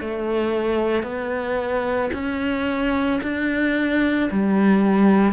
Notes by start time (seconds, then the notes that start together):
0.00 A3
1.03 B3
2.13 C#4
3.22 D4
4.31 G3